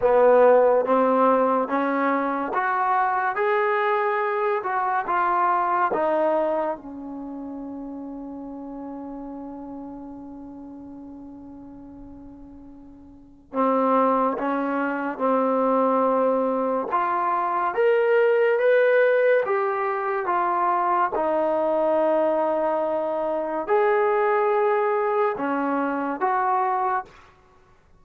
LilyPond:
\new Staff \with { instrumentName = "trombone" } { \time 4/4 \tempo 4 = 71 b4 c'4 cis'4 fis'4 | gis'4. fis'8 f'4 dis'4 | cis'1~ | cis'1 |
c'4 cis'4 c'2 | f'4 ais'4 b'4 g'4 | f'4 dis'2. | gis'2 cis'4 fis'4 | }